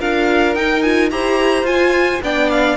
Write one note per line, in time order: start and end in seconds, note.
0.00 0.56 D4
0.00 0.56 F4
0.00 1.11 A#4
0.00 0.55 F5
0.55 0.84 D#4
0.55 1.11 D#4
0.55 0.82 G5
0.82 1.11 F4
0.82 1.10 G#5
1.11 1.63 E4
1.11 1.65 G4
1.11 2.24 C5
1.11 1.66 A#5
1.63 2.19 F4
1.63 2.21 F4
1.63 2.22 G#5
2.23 2.78 B3
2.23 2.78 D4
2.23 2.78 D5
2.23 2.51 G5
2.51 2.78 F5